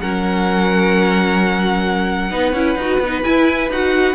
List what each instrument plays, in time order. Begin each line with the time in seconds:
0.00 cello F#3, viola C#4, violin A#4 F#5
2.31 cello B3, viola D#4, violin B4
2.53 cello C#4, viola E4
2.76 cello D#4, viola F#4
3.00 cello B3, viola D#4
3.23 viola E4, cello E4, violin G#5
3.70 cello D#4, viola F#4, violin F#5